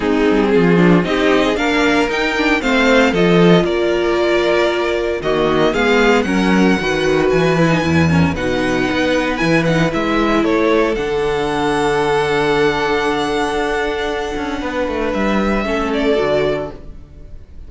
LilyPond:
<<
  \new Staff \with { instrumentName = "violin" } { \time 4/4 \tempo 4 = 115 gis'2 dis''4 f''4 | g''4 f''4 dis''4 d''4~ | d''2 dis''4 f''4 | fis''2 gis''2 |
fis''2 gis''8 fis''8 e''4 | cis''4 fis''2.~ | fis''1~ | fis''4 e''4. d''4. | }
  \new Staff \with { instrumentName = "violin" } { \time 4/4 dis'4 f'4 g'8. gis'16 ais'4~ | ais'4 c''4 a'4 ais'4~ | ais'2 fis'4 gis'4 | ais'4 b'2~ b'8 ais'8 |
b'1 | a'1~ | a'1 | b'2 a'2 | }
  \new Staff \with { instrumentName = "viola" } { \time 4/4 c'4. d'8 dis'4 d'4 | dis'8 d'8 c'4 f'2~ | f'2 ais4 b4 | cis'4 fis'4. e'16 dis'16 e'8 cis'8 |
dis'2 e'8 dis'8 e'4~ | e'4 d'2.~ | d'1~ | d'2 cis'4 fis'4 | }
  \new Staff \with { instrumentName = "cello" } { \time 4/4 gis8 g8 f4 c'4 ais4 | dis'4 a4 f4 ais4~ | ais2 dis4 gis4 | fis4 dis4 e4 e,4 |
b,4 b4 e4 gis4 | a4 d2.~ | d2 d'4. cis'8 | b8 a8 g4 a4 d4 | }
>>